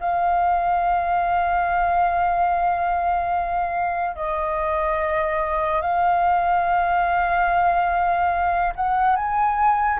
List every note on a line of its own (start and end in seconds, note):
0.00 4.15 F5
4.15 5.81 D#5
5.81 8.73 F5
8.75 9.16 F#5
9.16 9.99 G#5